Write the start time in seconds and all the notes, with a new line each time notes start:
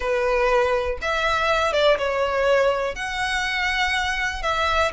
0.00 B4
1.01 E5
1.72 D5
1.98 C#5
2.95 F#5
4.42 E5